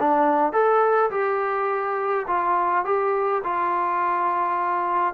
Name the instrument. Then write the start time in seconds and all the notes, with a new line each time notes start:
trombone
0.00 D4
0.53 A4
1.11 G4
2.28 F4
2.85 G4
3.44 F4